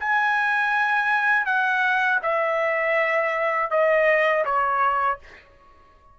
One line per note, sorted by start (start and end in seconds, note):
0.00 1.46 G#5
1.46 2.20 F#5
2.23 3.71 E5
3.71 4.45 D#5
4.45 5.19 C#5